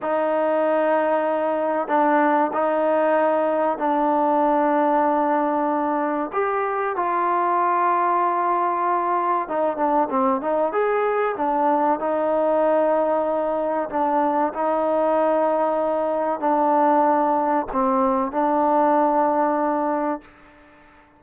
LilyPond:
\new Staff \with { instrumentName = "trombone" } { \time 4/4 \tempo 4 = 95 dis'2. d'4 | dis'2 d'2~ | d'2 g'4 f'4~ | f'2. dis'8 d'8 |
c'8 dis'8 gis'4 d'4 dis'4~ | dis'2 d'4 dis'4~ | dis'2 d'2 | c'4 d'2. | }